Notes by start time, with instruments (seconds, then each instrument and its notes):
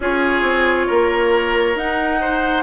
0.00 bassoon C#4, clarinet F4, oboe G#4, flute C#5
0.42 bassoon C4
0.87 bassoon A#3, oboe A#4
1.75 bassoon D#4, clarinet D#4, flute F#5
2.20 oboe C5